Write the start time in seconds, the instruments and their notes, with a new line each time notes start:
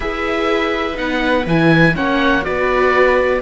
0.00 cello E4, viola G#4 B4, oboe E5
0.94 cello B3, viola D#4, oboe F#5
1.46 cello E3, viola E4, oboe G#5
1.95 cello A#3, viola C#4 C#5, oboe F#5
2.41 cello B3, viola F#4 B4, oboe D5